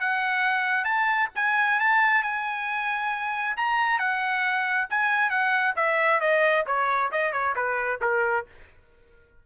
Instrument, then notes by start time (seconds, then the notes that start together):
trumpet
0.00 F#5
0.84 A5
1.36 G#5
1.80 A5
2.23 G#5
3.57 A#5
3.99 F#5
4.90 G#5
5.30 F#5
5.76 E5
6.21 D#5
6.67 C#5
7.12 D#5
7.33 C#5
7.56 B4
8.02 A#4